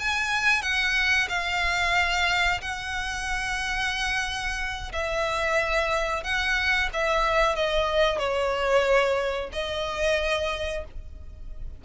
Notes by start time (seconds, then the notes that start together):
0.00 G#5
0.62 F#5
1.29 F5
2.62 F#5
4.93 E5
6.24 F#5
6.94 E5
7.56 D#5
8.18 C#5
9.53 D#5